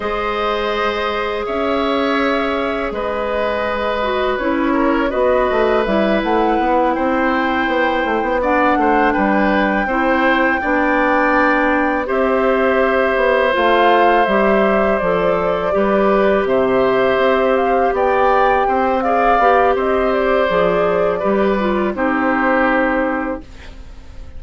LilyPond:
<<
  \new Staff \with { instrumentName = "flute" } { \time 4/4 \tempo 4 = 82 dis''2 e''2 | dis''2 cis''4 dis''4 | e''8 fis''4 g''2 fis''8~ | fis''8 g''2.~ g''8~ |
g''8 e''2 f''4 e''8~ | e''8 d''2 e''4. | f''8 g''4. f''4 dis''8 d''8~ | d''2 c''2 | }
  \new Staff \with { instrumentName = "oboe" } { \time 4/4 c''2 cis''2 | b'2~ b'8 ais'8 b'4~ | b'4. c''2 d''8 | c''8 b'4 c''4 d''4.~ |
d''8 c''2.~ c''8~ | c''4. b'4 c''4.~ | c''8 d''4 c''8 d''4 c''4~ | c''4 b'4 g'2 | }
  \new Staff \with { instrumentName = "clarinet" } { \time 4/4 gis'1~ | gis'4. fis'8 e'4 fis'4 | e'2.~ e'8 d'8~ | d'4. e'4 d'4.~ |
d'8 g'2 f'4 g'8~ | g'8 a'4 g'2~ g'8~ | g'2 gis'8 g'4. | gis'4 g'8 f'8 dis'2 | }
  \new Staff \with { instrumentName = "bassoon" } { \time 4/4 gis2 cis'2 | gis2 cis'4 b8 a8 | g8 a8 b8 c'4 b8 a16 b8. | a8 g4 c'4 b4.~ |
b8 c'4. b8 a4 g8~ | g8 f4 g4 c4 c'8~ | c'8 b4 c'4 b8 c'4 | f4 g4 c'2 | }
>>